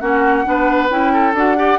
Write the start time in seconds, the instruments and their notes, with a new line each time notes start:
0.00 bassoon A#3, clarinet C#4, oboe F#4, flute F#5
0.44 bassoon B3, clarinet D4, oboe B4
0.89 bassoon C#4, clarinet E4, flute G5
1.13 oboe A4
1.33 bassoon D4, clarinet F#4, flute F#5
1.56 clarinet G4, oboe D5